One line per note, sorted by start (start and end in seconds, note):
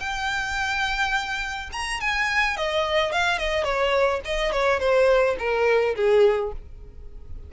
0.00 1.70 G5
1.72 2.00 A#5
2.00 2.57 G#5
2.57 3.12 D#5
3.12 3.38 F5
3.38 3.64 D#5
3.64 4.21 C#5
4.25 4.52 D#5
4.52 4.80 C#5
4.80 5.36 C5
5.39 5.95 A#4
5.96 6.52 G#4